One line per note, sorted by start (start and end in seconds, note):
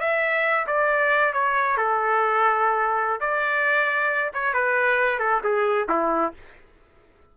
0.00 0.67 E5
0.67 1.34 D5
1.34 1.77 C#5
1.77 3.20 A4
3.20 4.32 D5
4.34 4.54 C#5
4.54 5.19 B4
5.19 5.41 A4
5.44 5.88 G#4
5.89 6.33 E4